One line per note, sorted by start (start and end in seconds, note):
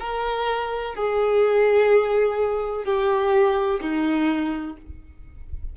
0.00 0.95 A#4
0.95 2.85 G#4
2.85 3.80 G4
3.81 4.77 D#4